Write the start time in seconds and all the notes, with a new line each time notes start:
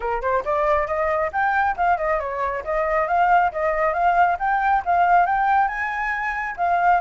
0.00 A#4
0.21 C5
0.44 D5
0.87 D#5
1.32 G5
1.76 F5
1.97 D#5
2.19 C#5
2.64 D#5
3.07 F5
3.52 D#5
3.93 F5
4.39 G5
4.85 F5
5.26 G5
5.68 G#5
6.57 F5